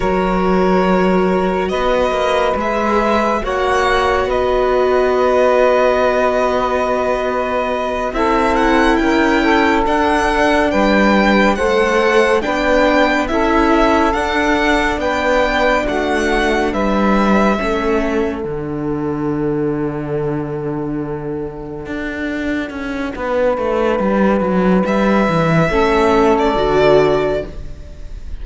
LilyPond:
<<
  \new Staff \with { instrumentName = "violin" } { \time 4/4 \tempo 4 = 70 cis''2 dis''4 e''4 | fis''4 dis''2.~ | dis''4. e''8 fis''8 g''4 fis''8~ | fis''8 g''4 fis''4 g''4 e''8~ |
e''8 fis''4 g''4 fis''4 e''8~ | e''4. fis''2~ fis''8~ | fis''1~ | fis''4 e''4.~ e''16 d''4~ d''16 | }
  \new Staff \with { instrumentName = "saxophone" } { \time 4/4 ais'2 b'2 | cis''4 b'2.~ | b'4. a'4 ais'8 a'4~ | a'8 b'4 c''4 b'4 a'8~ |
a'4. b'4 fis'4 b'8~ | b'8 a'2.~ a'8~ | a'2. b'4~ | b'2 a'2 | }
  \new Staff \with { instrumentName = "viola" } { \time 4/4 fis'2. gis'4 | fis'1~ | fis'4. e'2 d'8~ | d'4. a'4 d'4 e'8~ |
e'8 d'2.~ d'8~ | d'8 cis'4 d'2~ d'8~ | d'1~ | d'2 cis'4 fis'4 | }
  \new Staff \with { instrumentName = "cello" } { \time 4/4 fis2 b8 ais8 gis4 | ais4 b2.~ | b4. c'4 cis'4 d'8~ | d'8 g4 a4 b4 cis'8~ |
cis'8 d'4 b4 a4 g8~ | g8 a4 d2~ d8~ | d4. d'4 cis'8 b8 a8 | g8 fis8 g8 e8 a4 d4 | }
>>